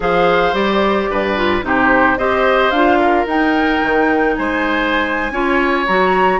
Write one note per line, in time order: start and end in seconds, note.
0.00 0.53 F3
0.00 0.53 G#4
0.00 1.10 C5
0.00 0.55 F5
0.53 1.07 G3
0.53 1.35 G4
0.53 1.64 D5
1.10 1.62 G2
1.10 1.65 B4
1.36 1.62 F4
1.62 2.17 C3
1.62 2.17 D#4
1.62 2.18 G4
1.62 2.18 C5
2.17 2.71 C4
2.17 2.73 G4
2.17 2.99 C5
2.17 2.70 D#5
2.70 3.25 D4
2.70 3.27 F4
2.70 3.25 F5
2.99 4.35 A#4
3.25 3.80 D#4
3.25 5.32 D#4
3.25 4.36 G5
3.82 4.37 D#3
4.36 5.31 G#3
4.36 5.32 C5
4.36 5.86 G#5
5.31 5.85 C#4
5.31 5.87 F4
5.31 6.39 C#5
5.86 6.39 F#3
5.86 6.39 F#4
5.86 6.39 A#5